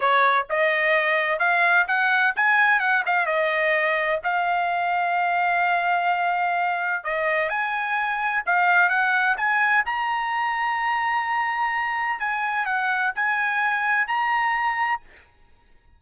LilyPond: \new Staff \with { instrumentName = "trumpet" } { \time 4/4 \tempo 4 = 128 cis''4 dis''2 f''4 | fis''4 gis''4 fis''8 f''8 dis''4~ | dis''4 f''2.~ | f''2. dis''4 |
gis''2 f''4 fis''4 | gis''4 ais''2.~ | ais''2 gis''4 fis''4 | gis''2 ais''2 | }